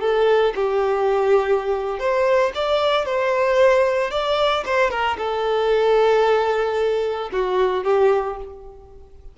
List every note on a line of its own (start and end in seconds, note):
0.00 0.53 A4
0.55 1.99 G4
1.99 2.52 C5
2.55 3.06 D5
3.06 4.11 C5
4.11 4.64 D5
4.65 4.90 C5
4.90 5.17 A#4
5.17 7.30 A4
7.32 7.84 F#4
7.84 8.37 G4